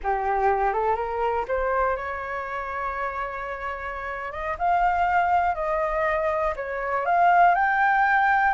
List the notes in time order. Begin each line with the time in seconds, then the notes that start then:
0.03 G4
0.73 A4
0.95 A#4
1.47 C5
1.96 C#5
4.32 D#5
4.58 F5
5.54 D#5
6.56 C#5
7.05 F5
7.55 G5